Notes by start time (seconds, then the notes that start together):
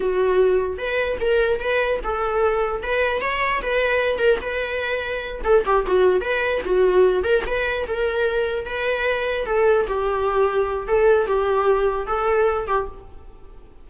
0.00 F#4
0.77 B4
1.20 A#4
1.59 B4
2.03 A4
2.83 B4
3.21 C#5
3.62 B4
4.18 A#4
4.41 B4
5.44 A4
5.65 G4
5.86 F#4
6.20 B4
6.64 F#4
7.23 A#4
7.46 B4
7.87 A#4
8.65 B4
9.46 A4
9.87 G4
10.87 A4
11.26 G4
12.06 A4
12.67 G4